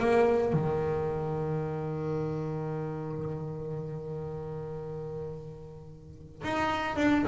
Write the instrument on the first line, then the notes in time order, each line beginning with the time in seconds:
double bass
0.00 A#3
0.54 D#3
6.44 D#4
6.97 D4